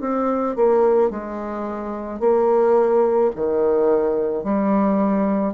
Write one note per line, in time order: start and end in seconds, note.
0.00 0.56 C4
0.56 1.10 A#3
1.10 2.19 G#3
2.19 3.30 A#3
3.35 4.43 D#3
4.43 5.54 G3